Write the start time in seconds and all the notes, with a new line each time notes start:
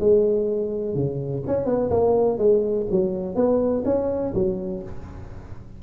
0.00 G#3
0.95 C#3
1.47 C#4
1.66 B3
1.90 A#3
2.38 G#3
2.91 F#3
3.35 B3
3.85 C#4
4.34 F#3